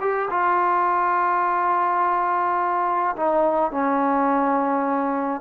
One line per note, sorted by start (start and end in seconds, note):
0.00 0.29 G4
0.30 3.15 F4
3.16 3.71 D#4
3.71 5.41 C#4